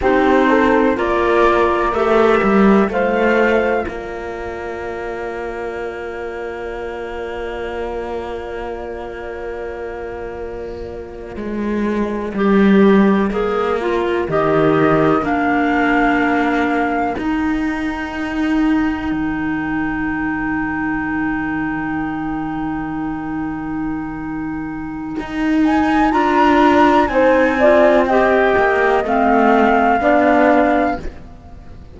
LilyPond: <<
  \new Staff \with { instrumentName = "flute" } { \time 4/4 \tempo 4 = 62 c''4 d''4 e''4 f''4 | d''1~ | d''1~ | d''2~ d''8. dis''4 f''16~ |
f''4.~ f''16 g''2~ g''16~ | g''1~ | g''2~ g''8 gis''8 ais''4 | gis''4 g''4 f''2 | }
  \new Staff \with { instrumentName = "horn" } { \time 4/4 g'8 a'8 ais'2 c''4 | ais'1~ | ais'1~ | ais'1~ |
ais'1~ | ais'1~ | ais'1 | c''8 d''8 dis''2 d''4 | }
  \new Staff \with { instrumentName = "clarinet" } { \time 4/4 dis'4 f'4 g'4 f'4~ | f'1~ | f'1~ | f'8. g'4 gis'8 f'8 g'4 d'16~ |
d'4.~ d'16 dis'2~ dis'16~ | dis'1~ | dis'2. f'4 | dis'8 f'8 g'4 c'4 d'4 | }
  \new Staff \with { instrumentName = "cello" } { \time 4/4 c'4 ais4 a8 g8 a4 | ais1~ | ais2.~ ais8. gis16~ | gis8. g4 ais4 dis4 ais16~ |
ais4.~ ais16 dis'2 dis16~ | dis1~ | dis2 dis'4 d'4 | c'4. ais8 a4 b4 | }
>>